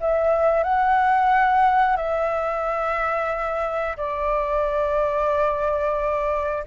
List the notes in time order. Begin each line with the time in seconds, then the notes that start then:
0.00 E5
0.63 F#5
1.96 E5
3.97 D5